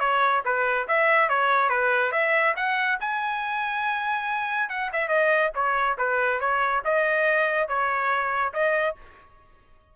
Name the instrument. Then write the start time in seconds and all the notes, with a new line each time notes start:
trumpet
0.00 C#5
0.45 B4
0.88 E5
1.29 C#5
1.69 B4
2.12 E5
2.56 F#5
3.00 G#5
4.69 F#5
4.93 E5
5.08 D#5
5.55 C#5
5.98 B4
6.40 C#5
6.85 D#5
7.68 C#5
8.53 D#5